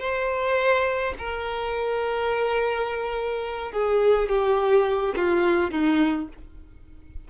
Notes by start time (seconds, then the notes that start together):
0.00 C5
1.19 A#4
3.72 G#4
4.29 G4
5.17 F4
5.71 D#4